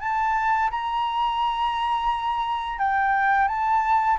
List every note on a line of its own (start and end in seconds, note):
0.00 0.70 A5
0.70 2.78 A#5
2.78 3.48 G5
3.48 4.17 A5